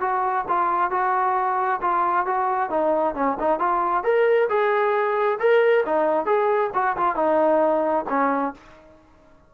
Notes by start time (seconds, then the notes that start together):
0.00 F#4
0.48 F4
0.91 F#4
1.81 F4
2.26 F#4
2.70 D#4
3.15 C#4
3.39 D#4
3.59 F4
4.03 A#4
4.49 G#4
5.39 A#4
5.85 D#4
6.25 G#4
6.74 F#4
6.97 F4
7.15 D#4
8.09 C#4